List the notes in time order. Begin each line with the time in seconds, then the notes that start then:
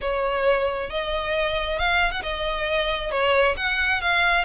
0.01 C#5
0.90 D#5
1.78 F5
2.11 F#5
2.22 D#5
3.11 C#5
3.56 F#5
4.01 F5